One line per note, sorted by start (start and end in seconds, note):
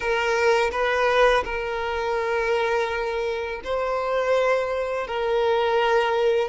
0.00 0.70 A#4
0.71 1.43 B4
1.44 3.61 A#4
3.63 5.07 C5
5.07 6.48 A#4